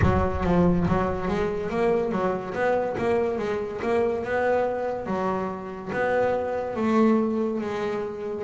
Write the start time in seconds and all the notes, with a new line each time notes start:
0.02 F#3
0.44 F3
0.88 F#3
1.28 G#3
1.70 A#3
2.11 F#3
2.54 B3
2.98 A#3
3.38 G#3
3.82 A#3
4.24 B3
5.06 F#3
5.92 B3
6.76 A3
7.61 G#3